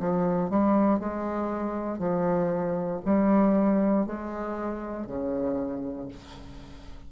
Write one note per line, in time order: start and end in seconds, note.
0.00 0.50 F3
0.50 0.99 G3
0.99 1.99 G#3
1.99 3.00 F3
3.05 4.06 G3
4.06 5.07 G#3
5.07 6.08 C#3